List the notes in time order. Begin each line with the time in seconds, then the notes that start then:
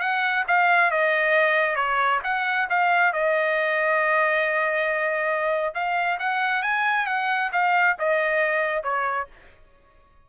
0.00 F#5
0.48 F5
0.91 D#5
1.75 C#5
2.23 F#5
2.69 F5
3.13 D#5
5.74 F5
6.19 F#5
6.62 G#5
7.06 F#5
7.52 F5
7.99 D#5
8.83 C#5